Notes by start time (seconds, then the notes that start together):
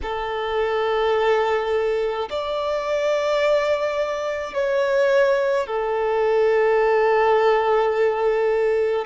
0.02 A4
2.30 D5
4.54 C#5
5.67 A4